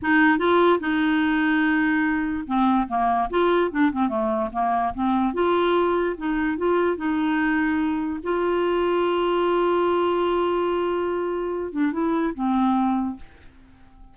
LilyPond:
\new Staff \with { instrumentName = "clarinet" } { \time 4/4 \tempo 4 = 146 dis'4 f'4 dis'2~ | dis'2 c'4 ais4 | f'4 d'8 c'8 a4 ais4 | c'4 f'2 dis'4 |
f'4 dis'2. | f'1~ | f'1~ | f'8 d'8 e'4 c'2 | }